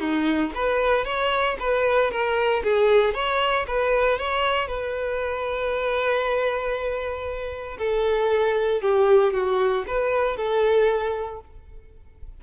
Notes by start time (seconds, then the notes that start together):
0.00 D#4
0.55 B4
1.05 C#5
1.59 B4
2.11 A#4
2.63 G#4
3.14 C#5
3.67 B4
4.18 C#5
4.67 B4
7.78 A4
8.81 G4
9.33 F#4
9.87 B4
10.37 A4